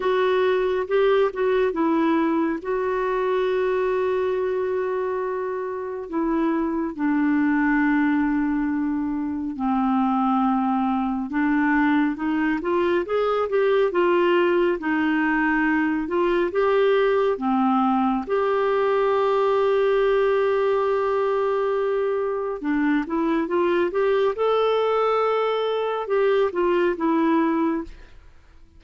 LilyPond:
\new Staff \with { instrumentName = "clarinet" } { \time 4/4 \tempo 4 = 69 fis'4 g'8 fis'8 e'4 fis'4~ | fis'2. e'4 | d'2. c'4~ | c'4 d'4 dis'8 f'8 gis'8 g'8 |
f'4 dis'4. f'8 g'4 | c'4 g'2.~ | g'2 d'8 e'8 f'8 g'8 | a'2 g'8 f'8 e'4 | }